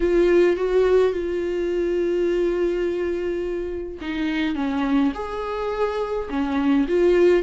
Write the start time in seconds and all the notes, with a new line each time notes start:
0.00 F4
0.56 F#4
1.12 F4
4.01 D#4
4.55 C#4
5.14 G#4
6.29 C#4
6.88 F4